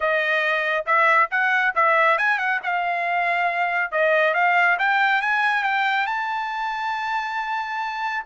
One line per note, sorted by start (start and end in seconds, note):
0.00 0.85 D#5
0.86 1.29 E5
1.30 1.74 F#5
1.75 2.18 E5
2.18 2.38 G#5
2.38 2.60 F#5
2.63 3.91 F5
3.91 4.34 D#5
4.34 4.77 F5
4.78 5.21 G5
5.21 5.63 G#5
5.63 6.06 G5
6.06 8.24 A5